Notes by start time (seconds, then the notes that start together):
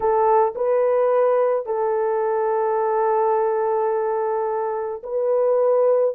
0.00 A4
0.55 B4
1.66 A4
5.03 B4